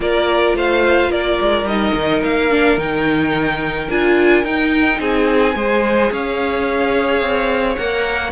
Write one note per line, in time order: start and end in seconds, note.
0.00 0.53 A#3
0.00 1.66 F4
0.00 0.56 A#4
0.00 0.56 D5
0.54 1.09 A3
0.54 1.10 C5
0.54 1.11 F5
1.10 1.38 A#3
1.10 4.99 A#4
1.10 1.66 D5
1.41 1.64 G#3
1.64 1.91 G3
1.64 2.50 D#4
1.64 2.22 D#5
1.94 2.22 D#3
2.23 2.77 A#3
2.23 2.78 F5
2.50 2.78 D4
2.77 3.88 D#3
2.77 3.89 D#4
2.77 3.89 G5
3.89 4.43 D4
3.89 4.44 F4
3.89 4.44 G#5
4.43 4.99 D#4
4.43 5.55 D#4
4.43 5.00 G5
4.99 5.54 C4
4.99 5.55 G#4
4.99 6.11 G#5
5.54 6.10 G#3
5.54 7.78 G#4
5.54 6.12 C5
6.11 7.21 C#4
6.11 8.32 C#5
6.11 7.76 F5
7.21 7.76 C4
7.76 8.32 A#3
7.76 8.32 A#4
7.76 8.31 F#5